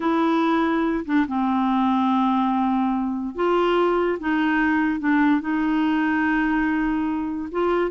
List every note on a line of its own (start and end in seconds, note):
0.00 1.04 E4
1.05 1.26 D4
1.27 3.35 C4
3.35 4.18 F4
4.19 4.99 D#4
4.99 5.41 D4
5.41 7.49 D#4
7.51 7.90 F4